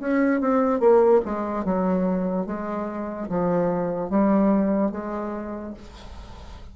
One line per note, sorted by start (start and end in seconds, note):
0.00 0.41 C#4
0.41 0.80 C4
0.80 1.21 A#3
1.25 1.65 G#3
1.65 2.46 F#3
2.46 3.28 G#3
3.29 4.10 F3
4.10 4.92 G3
4.92 5.74 G#3